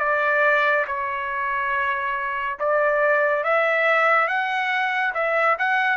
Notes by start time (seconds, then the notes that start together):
0.00 D5
0.87 C#5
2.60 D5
3.44 E5
4.28 F#5
5.15 E5
5.59 F#5